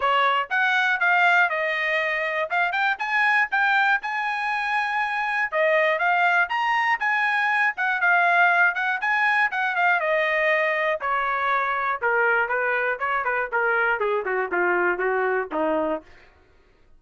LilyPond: \new Staff \with { instrumentName = "trumpet" } { \time 4/4 \tempo 4 = 120 cis''4 fis''4 f''4 dis''4~ | dis''4 f''8 g''8 gis''4 g''4 | gis''2. dis''4 | f''4 ais''4 gis''4. fis''8 |
f''4. fis''8 gis''4 fis''8 f''8 | dis''2 cis''2 | ais'4 b'4 cis''8 b'8 ais'4 | gis'8 fis'8 f'4 fis'4 dis'4 | }